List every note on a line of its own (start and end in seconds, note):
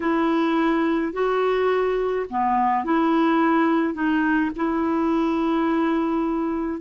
0.00 1.12 E4
1.13 2.26 F#4
2.30 2.84 B3
2.84 3.94 E4
3.94 4.50 D#4
4.55 6.80 E4